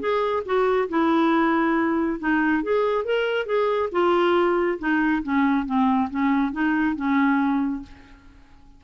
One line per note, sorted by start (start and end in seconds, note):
0.00 0.43 G#4
0.46 0.89 F#4
0.89 2.20 E4
2.20 2.63 D#4
2.63 3.05 G#4
3.05 3.46 A#4
3.46 3.90 G#4
3.92 4.79 F4
4.79 5.23 D#4
5.23 5.66 C#4
5.66 6.09 C4
6.11 6.53 C#4
6.53 6.96 D#4
6.96 7.83 C#4